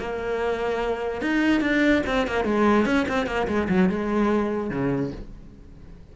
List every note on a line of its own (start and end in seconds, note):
0.00 1.22 A#3
1.22 1.61 D#4
1.61 2.03 D4
2.07 2.28 C4
2.28 2.45 A#3
2.45 2.86 G#3
2.86 3.07 C#4
3.09 3.27 C4
3.27 3.47 A#3
3.48 3.69 G#3
3.69 3.90 F#3
3.90 4.71 G#3
4.71 5.12 C#3